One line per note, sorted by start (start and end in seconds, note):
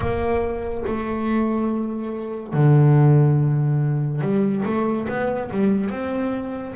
0.00 0.83 A#3
0.86 2.53 A3
2.53 4.21 D3
4.21 4.63 G3
4.65 5.07 A3
5.08 5.50 B3
5.51 5.90 G3
5.90 6.74 C4